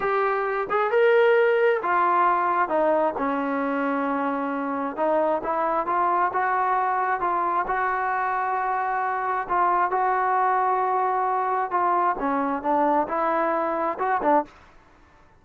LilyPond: \new Staff \with { instrumentName = "trombone" } { \time 4/4 \tempo 4 = 133 g'4. gis'8 ais'2 | f'2 dis'4 cis'4~ | cis'2. dis'4 | e'4 f'4 fis'2 |
f'4 fis'2.~ | fis'4 f'4 fis'2~ | fis'2 f'4 cis'4 | d'4 e'2 fis'8 d'8 | }